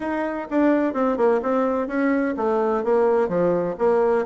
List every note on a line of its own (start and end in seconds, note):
0.00 0.47 D#4
0.50 0.93 D4
0.93 1.17 C4
1.17 1.40 A#3
1.42 1.87 C4
1.87 2.34 C#4
2.36 2.83 A3
2.83 3.28 A#3
3.28 3.75 F3
3.78 4.25 A#3